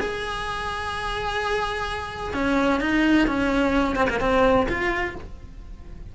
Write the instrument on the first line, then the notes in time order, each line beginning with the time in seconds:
cello
0.00 G#4
2.34 C#4
2.81 D#4
3.27 C#4
3.97 C4
4.10 A#3
4.21 C4
4.69 F4